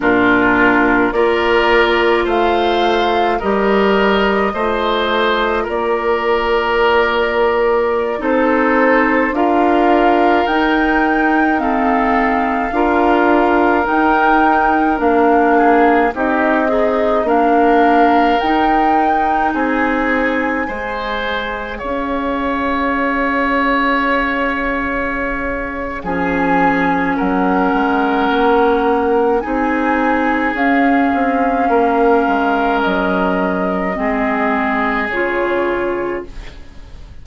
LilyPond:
<<
  \new Staff \with { instrumentName = "flute" } { \time 4/4 \tempo 4 = 53 ais'4 d''4 f''4 dis''4~ | dis''4 d''2~ d''16 c''8.~ | c''16 f''4 g''4 f''4.~ f''16~ | f''16 g''4 f''4 dis''4 f''8.~ |
f''16 g''4 gis''2 f''8.~ | f''2. gis''4 | fis''2 gis''4 f''4~ | f''4 dis''2 cis''4 | }
  \new Staff \with { instrumentName = "oboe" } { \time 4/4 f'4 ais'4 c''4 ais'4 | c''4 ais'2~ ais'16 a'8.~ | a'16 ais'2 a'4 ais'8.~ | ais'4.~ ais'16 gis'8 g'8 dis'8 ais'8.~ |
ais'4~ ais'16 gis'4 c''4 cis''8.~ | cis''2. gis'4 | ais'2 gis'2 | ais'2 gis'2 | }
  \new Staff \with { instrumentName = "clarinet" } { \time 4/4 d'4 f'2 g'4 | f'2.~ f'16 dis'8.~ | dis'16 f'4 dis'4 c'4 f'8.~ | f'16 dis'4 d'4 dis'8 gis'8 d'8.~ |
d'16 dis'2 gis'4.~ gis'16~ | gis'2. cis'4~ | cis'2 dis'4 cis'4~ | cis'2 c'4 f'4 | }
  \new Staff \with { instrumentName = "bassoon" } { \time 4/4 ais,4 ais4 a4 g4 | a4 ais2~ ais16 c'8.~ | c'16 d'4 dis'2 d'8.~ | d'16 dis'4 ais4 c'4 ais8.~ |
ais16 dis'4 c'4 gis4 cis'8.~ | cis'2. f4 | fis8 gis8 ais4 c'4 cis'8 c'8 | ais8 gis8 fis4 gis4 cis4 | }
>>